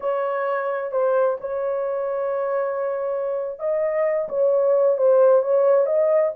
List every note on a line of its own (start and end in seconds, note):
0.00 0.91 C#5
0.91 1.37 C5
1.40 3.59 C#5
3.59 4.28 D#5
4.28 4.97 C#5
4.97 5.42 C5
5.42 5.86 C#5
5.86 6.32 D#5